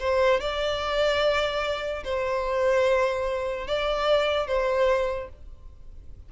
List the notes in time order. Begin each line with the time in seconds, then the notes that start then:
0.00 C5
0.41 D5
2.04 C5
3.67 D5
4.48 C5